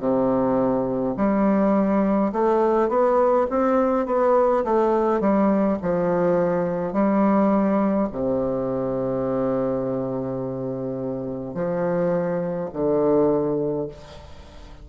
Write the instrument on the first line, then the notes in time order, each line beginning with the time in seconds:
bassoon
0.00 C3
1.17 G3
2.33 A3
2.89 B3
3.50 C4
4.06 B3
4.65 A3
5.21 G3
5.83 F3
6.93 G3
8.13 C3
11.55 F3
12.73 D3